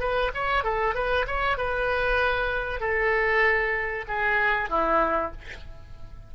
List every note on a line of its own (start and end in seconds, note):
0.00 0.31 B4
0.34 0.64 C#5
0.64 0.95 A4
0.95 1.26 B4
1.28 1.58 C#5
1.58 2.81 B4
2.81 4.06 A4
4.08 4.70 G#4
4.70 5.32 E4